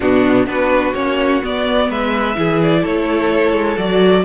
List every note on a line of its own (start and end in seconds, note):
0.00 0.45 B2
0.00 0.46 B3
0.00 0.47 D4
0.00 0.46 F#4
0.45 0.92 B3
0.45 0.94 D4
0.45 1.89 F#4
0.45 0.94 B4
0.94 1.42 A#3
0.94 1.42 C#4
0.94 1.41 C#5
1.42 2.35 B3
1.42 1.89 B3
1.42 1.91 D5
1.89 2.36 G#3
1.89 2.37 B4
1.89 2.62 E5
2.35 2.84 E3
2.35 3.77 E4
2.35 2.81 G#4
2.62 2.85 D5
2.81 3.52 A3
2.81 4.23 A4
2.81 3.78 C#5
3.52 3.76 G#3
3.77 4.24 F#3
3.77 4.24 F#4
3.77 4.24 D5